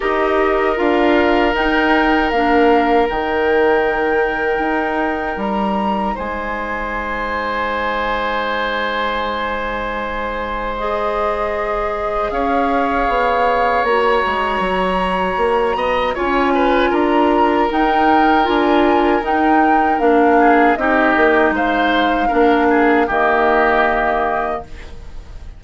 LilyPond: <<
  \new Staff \with { instrumentName = "flute" } { \time 4/4 \tempo 4 = 78 dis''4 f''4 g''4 f''4 | g''2. ais''4 | gis''1~ | gis''2 dis''2 |
f''2 ais''2~ | ais''4 gis''4 ais''4 g''4 | gis''4 g''4 f''4 dis''4 | f''2 dis''2 | }
  \new Staff \with { instrumentName = "oboe" } { \time 4/4 ais'1~ | ais'1 | c''1~ | c''1 |
cis''1~ | cis''8 dis''8 cis''8 b'8 ais'2~ | ais'2~ ais'8 gis'8 g'4 | c''4 ais'8 gis'8 g'2 | }
  \new Staff \with { instrumentName = "clarinet" } { \time 4/4 g'4 f'4 dis'4 d'4 | dis'1~ | dis'1~ | dis'2 gis'2~ |
gis'2 fis'2~ | fis'4 f'2 dis'4 | f'4 dis'4 d'4 dis'4~ | dis'4 d'4 ais2 | }
  \new Staff \with { instrumentName = "bassoon" } { \time 4/4 dis'4 d'4 dis'4 ais4 | dis2 dis'4 g4 | gis1~ | gis1 |
cis'4 b4 ais8 gis8 fis4 | ais8 b8 cis'4 d'4 dis'4 | d'4 dis'4 ais4 c'8 ais8 | gis4 ais4 dis2 | }
>>